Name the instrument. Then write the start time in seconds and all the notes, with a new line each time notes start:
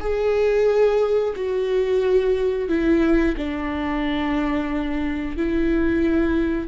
viola
0.00 G#4
1.35 F#4
2.68 E4
3.37 D4
5.36 E4